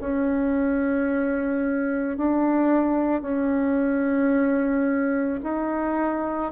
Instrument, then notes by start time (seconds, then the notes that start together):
bassoon
0.00 C#4
2.17 D4
3.21 C#4
5.43 D#4